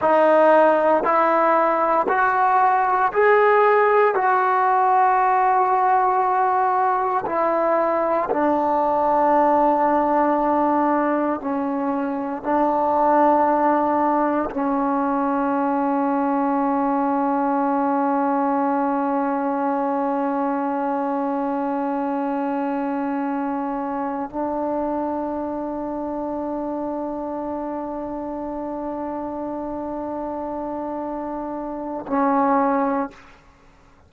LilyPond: \new Staff \with { instrumentName = "trombone" } { \time 4/4 \tempo 4 = 58 dis'4 e'4 fis'4 gis'4 | fis'2. e'4 | d'2. cis'4 | d'2 cis'2~ |
cis'1~ | cis'2.~ cis'8 d'8~ | d'1~ | d'2. cis'4 | }